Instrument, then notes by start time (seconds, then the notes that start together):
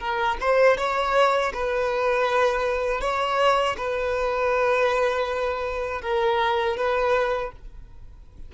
violin
0.00 A#4
0.41 C5
0.78 C#5
1.54 B4
3.01 C#5
3.78 B4
6.02 A#4
6.77 B4